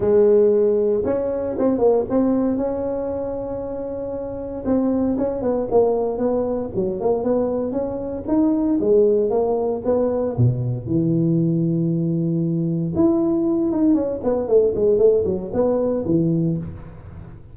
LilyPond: \new Staff \with { instrumentName = "tuba" } { \time 4/4 \tempo 4 = 116 gis2 cis'4 c'8 ais8 | c'4 cis'2.~ | cis'4 c'4 cis'8 b8 ais4 | b4 fis8 ais8 b4 cis'4 |
dis'4 gis4 ais4 b4 | b,4 e2.~ | e4 e'4. dis'8 cis'8 b8 | a8 gis8 a8 fis8 b4 e4 | }